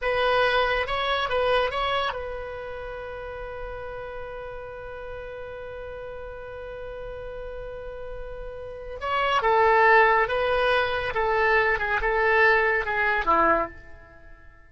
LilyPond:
\new Staff \with { instrumentName = "oboe" } { \time 4/4 \tempo 4 = 140 b'2 cis''4 b'4 | cis''4 b'2.~ | b'1~ | b'1~ |
b'1~ | b'4 cis''4 a'2 | b'2 a'4. gis'8 | a'2 gis'4 e'4 | }